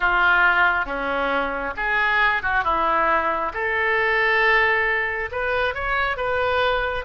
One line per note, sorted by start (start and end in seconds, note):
0.00 0.85 F4
0.85 1.73 C#4
1.76 2.42 G#4
2.42 2.64 F#4
2.64 3.52 E4
3.53 5.30 A4
5.31 5.74 B4
5.74 6.16 C#5
6.16 7.04 B4